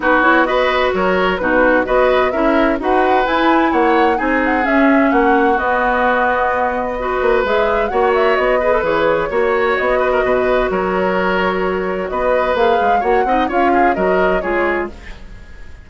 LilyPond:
<<
  \new Staff \with { instrumentName = "flute" } { \time 4/4 \tempo 4 = 129 b'8 cis''8 dis''4 cis''4 b'4 | dis''4 e''4 fis''4 gis''4 | fis''4 gis''8 fis''8 e''4 fis''4 | dis''1 |
e''4 fis''8 e''8 dis''4 cis''4~ | cis''4 dis''2 cis''4~ | cis''2 dis''4 f''4 | fis''4 f''4 dis''4 cis''4 | }
  \new Staff \with { instrumentName = "oboe" } { \time 4/4 fis'4 b'4 ais'4 fis'4 | b'4 ais'4 b'2 | cis''4 gis'2 fis'4~ | fis'2. b'4~ |
b'4 cis''4. b'4. | cis''4. b'16 ais'16 b'4 ais'4~ | ais'2 b'2 | cis''8 dis''8 cis''8 gis'8 ais'4 gis'4 | }
  \new Staff \with { instrumentName = "clarinet" } { \time 4/4 dis'8 e'8 fis'2 dis'4 | fis'4 e'4 fis'4 e'4~ | e'4 dis'4 cis'2 | b2. fis'4 |
gis'4 fis'4. gis'16 a'16 gis'4 | fis'1~ | fis'2. gis'4 | fis'8 dis'8 f'4 fis'4 f'4 | }
  \new Staff \with { instrumentName = "bassoon" } { \time 4/4 b2 fis4 b,4 | b4 cis'4 dis'4 e'4 | ais4 c'4 cis'4 ais4 | b2.~ b8 ais8 |
gis4 ais4 b4 e4 | ais4 b4 b,4 fis4~ | fis2 b4 ais8 gis8 | ais8 c'8 cis'4 fis4 gis4 | }
>>